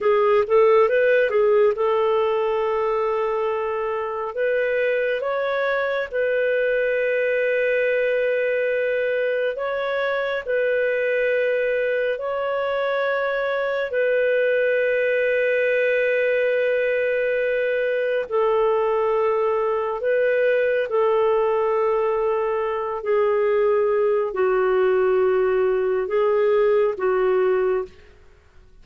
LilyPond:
\new Staff \with { instrumentName = "clarinet" } { \time 4/4 \tempo 4 = 69 gis'8 a'8 b'8 gis'8 a'2~ | a'4 b'4 cis''4 b'4~ | b'2. cis''4 | b'2 cis''2 |
b'1~ | b'4 a'2 b'4 | a'2~ a'8 gis'4. | fis'2 gis'4 fis'4 | }